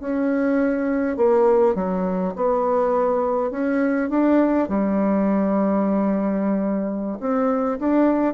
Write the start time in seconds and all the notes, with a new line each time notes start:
0.00 C#4
1.17 A#3
1.75 F#3
2.36 B3
3.51 C#4
4.10 D4
4.68 G3
7.20 C4
7.79 D4